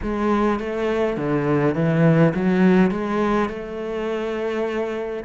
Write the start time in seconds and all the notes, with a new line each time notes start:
0.02 G#3
0.59 A3
1.16 D3
1.74 E3
2.35 F#3
2.90 G#3
3.49 A3